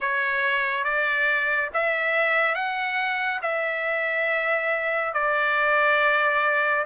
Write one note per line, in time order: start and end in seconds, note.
0.00 0.84 C#5
0.84 1.69 D5
1.73 2.54 E5
2.54 3.40 F#5
3.42 5.13 E5
5.13 6.85 D5